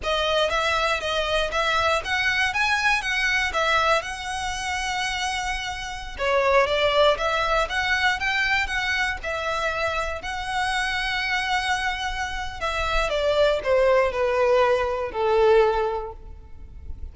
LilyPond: \new Staff \with { instrumentName = "violin" } { \time 4/4 \tempo 4 = 119 dis''4 e''4 dis''4 e''4 | fis''4 gis''4 fis''4 e''4 | fis''1~ | fis''16 cis''4 d''4 e''4 fis''8.~ |
fis''16 g''4 fis''4 e''4.~ e''16~ | e''16 fis''2.~ fis''8.~ | fis''4 e''4 d''4 c''4 | b'2 a'2 | }